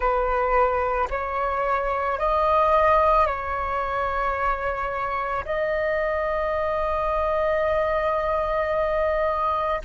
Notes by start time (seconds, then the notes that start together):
0.00 B4
1.10 C#5
2.18 D#5
3.26 C#5
5.45 D#5